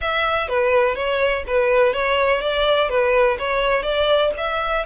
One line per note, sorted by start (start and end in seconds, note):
0.01 0.48 E5
0.48 0.95 B4
0.95 1.43 C#5
1.47 1.93 B4
1.93 2.41 C#5
2.41 2.89 D5
2.89 3.37 B4
3.38 3.82 C#5
3.82 4.31 D5
4.37 4.85 E5